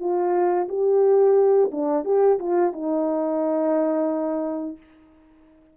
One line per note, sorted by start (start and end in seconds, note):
0.00 0.68 F4
0.69 1.71 G4
1.72 2.05 D4
2.05 2.39 G4
2.40 2.73 F4
2.73 4.78 D#4